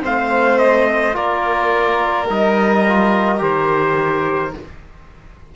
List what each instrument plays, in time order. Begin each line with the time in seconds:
0.00 cello A3, trombone C4, violin C5, trumpet F5
0.58 trumpet D#5
1.12 cello A#3, trombone F4, violin A#4, trumpet D5
2.29 cello G3, trombone D#4, trumpet D#5
2.86 trombone F4
3.38 cello D#3, trombone G4, trumpet C5